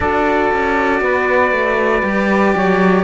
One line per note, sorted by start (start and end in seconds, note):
0.00 0.50 D4
0.00 2.03 F#4
0.00 1.01 A4
0.00 3.03 D5
0.53 1.00 C#4
1.00 1.51 B3
1.00 2.55 B4
1.51 2.02 A3
2.03 2.54 G3
2.03 3.03 G4
2.55 3.03 F#3
2.55 3.03 C#5